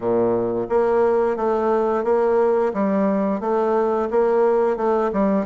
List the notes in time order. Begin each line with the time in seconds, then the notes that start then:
0.00 A#2
0.69 A#3
1.36 A3
2.04 A#3
2.73 G3
3.40 A3
4.10 A#3
4.76 A3
5.12 G3